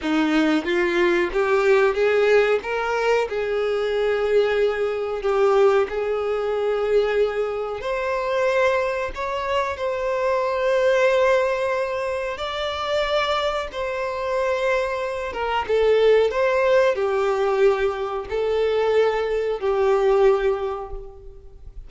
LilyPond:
\new Staff \with { instrumentName = "violin" } { \time 4/4 \tempo 4 = 92 dis'4 f'4 g'4 gis'4 | ais'4 gis'2. | g'4 gis'2. | c''2 cis''4 c''4~ |
c''2. d''4~ | d''4 c''2~ c''8 ais'8 | a'4 c''4 g'2 | a'2 g'2 | }